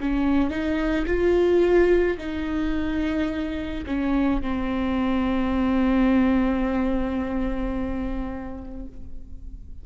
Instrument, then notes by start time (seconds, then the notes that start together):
viola
0.00 C#4
0.50 D#4
1.06 F4
2.18 D#4
3.86 C#4
4.41 C4